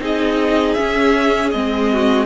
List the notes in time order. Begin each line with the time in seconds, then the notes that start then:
0.00 C4 D#4 G#4 D#5
0.74 C#4 E5
0.80 C#4
1.52 G#3 C4 D#5
1.93 F#4